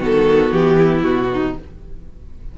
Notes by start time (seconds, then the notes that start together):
0.00 D#3 B3 F#4 A4
0.52 E3 G4
0.78 E4
1.03 B2 F#4
1.33 D#4